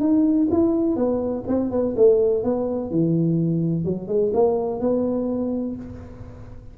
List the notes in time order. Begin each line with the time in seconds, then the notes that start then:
0.00 D#4
0.51 E4
0.96 B3
1.47 C4
1.71 B3
1.96 A3
2.43 B3
2.91 E3
3.84 F#3
4.08 G#3
4.33 A#3
4.80 B3